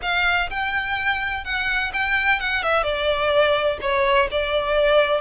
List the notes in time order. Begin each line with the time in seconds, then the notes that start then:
0.02 F5
0.49 G5
1.44 F#5
1.93 G5
2.39 F#5
2.62 E5
2.83 D5
3.81 C#5
4.31 D5